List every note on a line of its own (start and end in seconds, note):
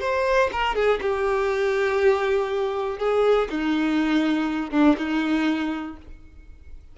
0.00 0.50 C5
0.52 0.75 A#4
0.75 1.00 G#4
1.01 2.99 G4
2.99 3.48 G#4
3.50 4.71 D#4
4.71 4.96 D4
4.98 5.97 D#4